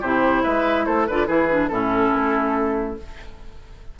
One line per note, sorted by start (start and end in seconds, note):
0.00 0.44 C3
0.00 1.10 E4
0.00 0.42 G4
0.00 0.44 C5
0.43 0.87 G#3
0.43 0.85 B4
0.43 0.85 E5
0.85 1.09 A3
0.85 1.07 A4
0.85 1.06 C5
1.07 1.28 D3
1.07 1.27 F4
1.07 1.27 B4
1.07 1.26 D5
1.26 1.70 E3
1.26 1.48 E4
1.26 1.69 G#4
1.26 1.68 B4
1.50 1.71 D4
1.68 2.13 A2
1.68 2.97 C#4
1.68 2.99 E4
1.68 2.95 A4
2.14 2.98 A3